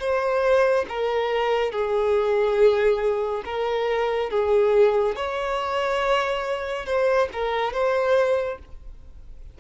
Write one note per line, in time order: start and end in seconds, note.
0.00 0.86 C5
0.89 1.72 A#4
1.72 3.44 G#4
3.45 4.31 A#4
4.31 5.16 G#4
5.16 6.86 C#5
6.86 7.29 C5
7.33 7.73 A#4
7.73 8.59 C5